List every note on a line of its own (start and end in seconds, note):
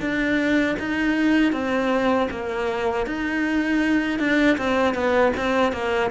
0.00 0.76 D4
0.79 1.52 D#4
1.52 2.28 C4
2.30 3.06 A#3
3.06 4.19 D#4
4.19 4.57 D4
4.57 4.94 C4
4.94 5.32 B3
5.36 5.72 C4
5.72 6.10 A#3